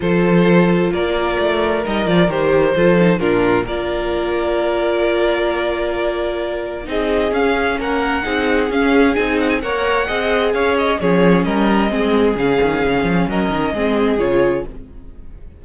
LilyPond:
<<
  \new Staff \with { instrumentName = "violin" } { \time 4/4 \tempo 4 = 131 c''2 d''2 | dis''8 d''8 c''2 ais'4 | d''1~ | d''2. dis''4 |
f''4 fis''2 f''4 | gis''8 fis''16 gis''16 fis''2 f''8 dis''8 | cis''4 dis''2 f''4~ | f''4 dis''2 cis''4 | }
  \new Staff \with { instrumentName = "violin" } { \time 4/4 a'2 ais'2~ | ais'2 a'4 f'4 | ais'1~ | ais'2. gis'4~ |
gis'4 ais'4 gis'2~ | gis'4 cis''4 dis''4 cis''4 | gis'4 ais'4 gis'2~ | gis'4 ais'4 gis'2 | }
  \new Staff \with { instrumentName = "viola" } { \time 4/4 f'1 | dis'8 f'8 g'4 f'8 dis'8 d'4 | f'1~ | f'2. dis'4 |
cis'2 dis'4 cis'4 | dis'4 ais'4 gis'2 | cis'2 c'4 cis'4~ | cis'2 c'4 f'4 | }
  \new Staff \with { instrumentName = "cello" } { \time 4/4 f2 ais4 a4 | g8 f8 dis4 f4 ais,4 | ais1~ | ais2. c'4 |
cis'4 ais4 c'4 cis'4 | c'4 ais4 c'4 cis'4 | f4 g4 gis4 cis8 dis8 | cis8 f8 fis8 dis8 gis4 cis4 | }
>>